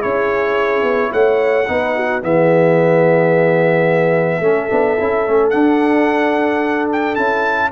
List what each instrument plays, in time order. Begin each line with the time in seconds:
0.00 tuba C#4, trombone E4, horn G#4, trumpet C#5
0.83 tuba B3
1.13 tuba A3, horn C#5, trumpet F#5
1.68 tuba B3, trombone D#4, horn B4
1.97 horn F#4
2.22 tuba E3, trombone B3, horn G#4, trumpet E5
4.40 tuba A3, trombone C#4, horn A4
4.70 tuba B3, trombone D4
5.00 tuba C#4, trombone E4
5.27 tuba A3, trombone C#4
5.50 trombone D4, tuba D4, trumpet F#5
6.93 trumpet G5
7.16 tuba C#4, trombone E4, trumpet A5